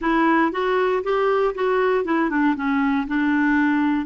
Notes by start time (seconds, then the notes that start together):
0.01 E4
0.52 F#4
1.03 G4
1.54 F#4
2.04 E4
2.30 D4
2.55 C#4
3.07 D4